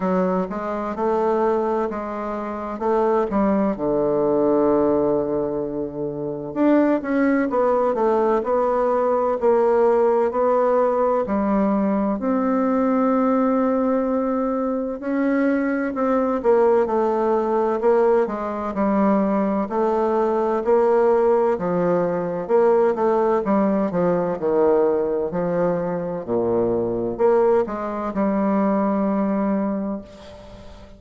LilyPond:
\new Staff \with { instrumentName = "bassoon" } { \time 4/4 \tempo 4 = 64 fis8 gis8 a4 gis4 a8 g8 | d2. d'8 cis'8 | b8 a8 b4 ais4 b4 | g4 c'2. |
cis'4 c'8 ais8 a4 ais8 gis8 | g4 a4 ais4 f4 | ais8 a8 g8 f8 dis4 f4 | ais,4 ais8 gis8 g2 | }